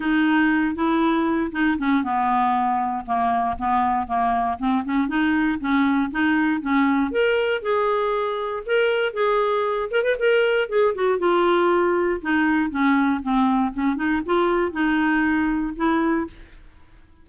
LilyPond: \new Staff \with { instrumentName = "clarinet" } { \time 4/4 \tempo 4 = 118 dis'4. e'4. dis'8 cis'8 | b2 ais4 b4 | ais4 c'8 cis'8 dis'4 cis'4 | dis'4 cis'4 ais'4 gis'4~ |
gis'4 ais'4 gis'4. ais'16 b'16 | ais'4 gis'8 fis'8 f'2 | dis'4 cis'4 c'4 cis'8 dis'8 | f'4 dis'2 e'4 | }